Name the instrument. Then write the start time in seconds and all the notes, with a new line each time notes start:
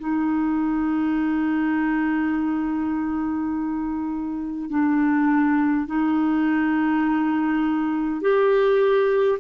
clarinet
0.00 D#4
4.70 D4
5.87 D#4
8.22 G4